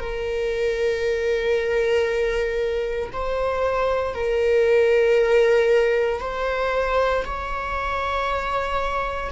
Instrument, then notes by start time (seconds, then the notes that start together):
viola
0.00 A#4
3.13 C5
4.15 A#4
6.21 C5
7.25 C#5